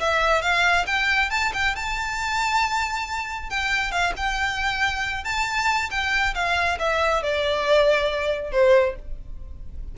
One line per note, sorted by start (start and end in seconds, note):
0.00 0.42 E5
0.42 0.86 F5
0.87 1.31 G5
1.31 1.53 A5
1.54 1.76 G5
1.76 3.50 A5
3.50 3.92 G5
3.92 4.13 F5
4.17 5.25 G5
5.25 5.90 A5
5.91 6.35 G5
6.35 6.79 F5
6.79 7.23 E5
7.23 8.52 D5
8.52 8.96 C5